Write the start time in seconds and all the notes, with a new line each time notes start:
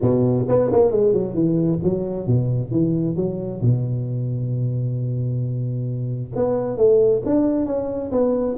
0.01 B2
0.48 B3
0.72 A#3
0.91 G#3
1.13 F#3
1.34 E3
1.83 F#3
2.26 B2
2.71 E3
3.16 F#3
3.61 B2
6.35 B3
6.77 A3
7.25 D4
7.66 C#4
8.11 B3